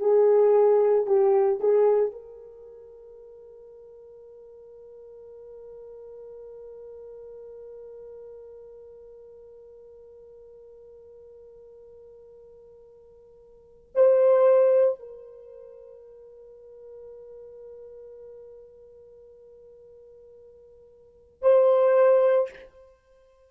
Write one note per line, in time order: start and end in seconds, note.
0.00 1.07 G#4
1.07 1.60 G4
1.61 2.12 G#4
2.12 13.91 A#4
13.95 15.00 C5
15.00 21.42 A#4
21.42 22.50 C5